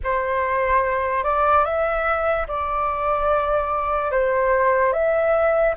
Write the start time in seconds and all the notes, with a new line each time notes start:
0.03 C5
1.23 D5
1.64 E5
2.47 D5
4.11 C5
4.92 E5